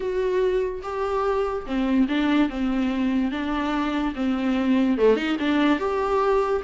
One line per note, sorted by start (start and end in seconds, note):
0.00 0.82 F#4
0.83 1.65 G4
1.66 2.07 C4
2.08 2.49 D4
2.49 3.31 C4
3.31 4.14 D4
4.15 4.97 C4
4.97 5.16 A3
5.16 5.36 D#4
5.39 5.79 D4
5.79 6.62 G4